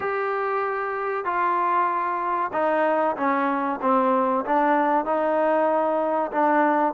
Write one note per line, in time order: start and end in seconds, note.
0.00 1.25 G4
1.25 2.51 F4
2.52 3.16 D#4
3.16 3.79 C#4
3.81 4.44 C4
4.45 5.05 D4
5.05 6.31 D#4
6.31 6.93 D4